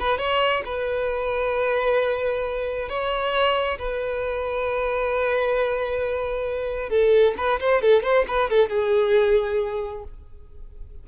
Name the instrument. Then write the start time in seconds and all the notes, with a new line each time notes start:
violin
0.00 B4
0.18 C#5
0.66 B4
2.89 C#5
3.79 B4
6.90 A4
7.38 B4
7.60 C5
7.82 A4
8.03 C5
8.28 B4
8.51 A4
8.70 G#4